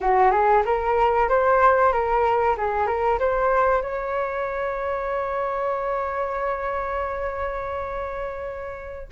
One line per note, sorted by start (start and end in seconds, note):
0.00 0.31 F#4
0.31 0.63 G#4
0.65 1.29 A#4
1.29 1.92 C5
1.92 2.56 A#4
2.57 2.86 G#4
2.86 3.18 A#4
3.19 3.82 C5
3.82 9.08 C#5